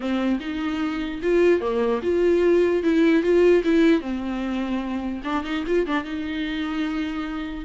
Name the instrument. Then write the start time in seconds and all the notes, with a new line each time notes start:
viola
0.00 C4
0.40 D#4
1.22 F4
1.60 A#3
2.02 F4
2.83 E4
3.22 F4
3.64 E4
4.00 C4
5.23 D4
5.44 D#4
5.66 F4
5.86 D4
6.04 D#4